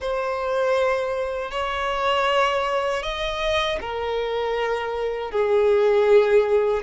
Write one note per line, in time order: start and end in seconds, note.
0.00 1.51 C5
1.51 3.02 C#5
3.02 3.78 D#5
3.80 5.31 A#4
5.31 6.83 G#4